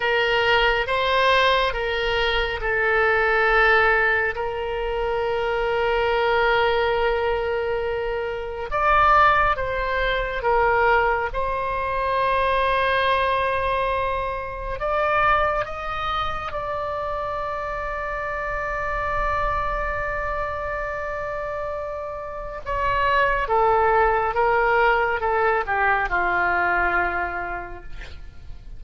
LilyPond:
\new Staff \with { instrumentName = "oboe" } { \time 4/4 \tempo 4 = 69 ais'4 c''4 ais'4 a'4~ | a'4 ais'2.~ | ais'2 d''4 c''4 | ais'4 c''2.~ |
c''4 d''4 dis''4 d''4~ | d''1~ | d''2 cis''4 a'4 | ais'4 a'8 g'8 f'2 | }